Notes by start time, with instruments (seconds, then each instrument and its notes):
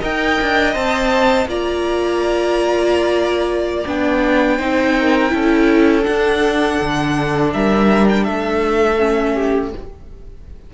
0.00 cello D#4, viola A#4, violin D#5 G5
0.41 cello D4
0.73 cello C4, viola C5, violin A5
1.46 cello A#3, viola F4, violin D5 A#5
3.86 cello B3, viola D4, violin G5
4.56 cello C4, viola D#4, violin C5
4.99 violin A#4
5.29 cello C#4, viola E4, violin A4
6.02 viola D4, cello D4, violin F#5
6.80 cello D3
7.53 cello G3, violin A#4 E5
8.08 violin G5
8.24 cello A3, violin A4 E5
8.98 viola C#4
9.33 violin G4